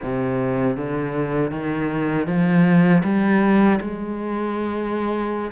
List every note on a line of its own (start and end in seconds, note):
0.02 0.76 C3
0.76 1.51 D3
1.51 2.26 D#3
2.26 3.02 F3
3.03 3.79 G3
3.80 5.51 G#3